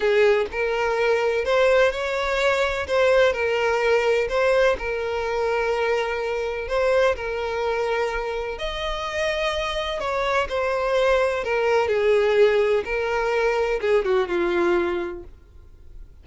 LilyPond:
\new Staff \with { instrumentName = "violin" } { \time 4/4 \tempo 4 = 126 gis'4 ais'2 c''4 | cis''2 c''4 ais'4~ | ais'4 c''4 ais'2~ | ais'2 c''4 ais'4~ |
ais'2 dis''2~ | dis''4 cis''4 c''2 | ais'4 gis'2 ais'4~ | ais'4 gis'8 fis'8 f'2 | }